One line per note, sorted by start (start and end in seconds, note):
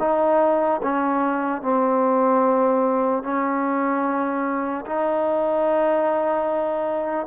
0.00 0.81 D#4
0.83 1.63 C#4
1.63 3.24 C4
3.24 4.86 C#4
4.86 7.27 D#4